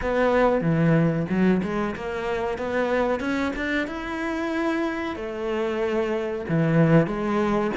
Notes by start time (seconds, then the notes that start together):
0.01 B3
0.61 E3
1.29 F#3
1.62 G#3
1.95 A#3
2.58 B3
3.20 C#4
3.56 D4
3.87 E4
5.16 A3
6.48 E3
7.06 G#3